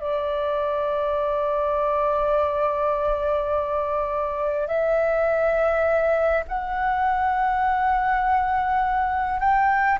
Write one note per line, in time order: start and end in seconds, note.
0.00 4.67 D5
4.67 6.44 E5
6.48 9.40 F#5
9.40 9.98 G5